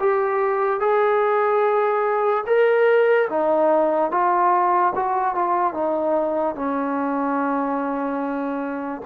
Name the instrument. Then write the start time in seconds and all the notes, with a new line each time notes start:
trombone
0.00 G4
0.80 G#4
2.47 A#4
3.30 D#4
4.11 F4
4.95 F#4
5.35 F4
5.74 D#4
6.56 C#4